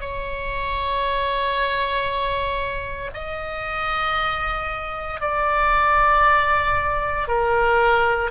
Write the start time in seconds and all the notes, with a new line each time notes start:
0.00 C#5
3.14 D#5
5.21 D5
7.27 A#4